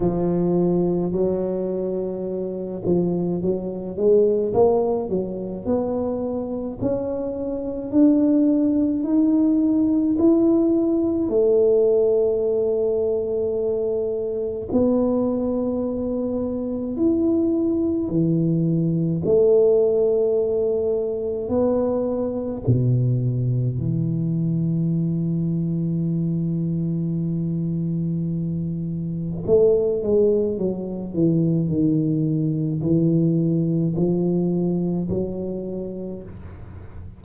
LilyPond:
\new Staff \with { instrumentName = "tuba" } { \time 4/4 \tempo 4 = 53 f4 fis4. f8 fis8 gis8 | ais8 fis8 b4 cis'4 d'4 | dis'4 e'4 a2~ | a4 b2 e'4 |
e4 a2 b4 | b,4 e2.~ | e2 a8 gis8 fis8 e8 | dis4 e4 f4 fis4 | }